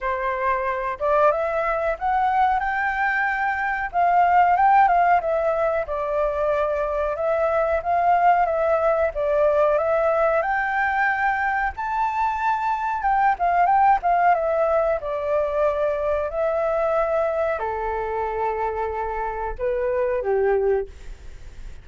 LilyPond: \new Staff \with { instrumentName = "flute" } { \time 4/4 \tempo 4 = 92 c''4. d''8 e''4 fis''4 | g''2 f''4 g''8 f''8 | e''4 d''2 e''4 | f''4 e''4 d''4 e''4 |
g''2 a''2 | g''8 f''8 g''8 f''8 e''4 d''4~ | d''4 e''2 a'4~ | a'2 b'4 g'4 | }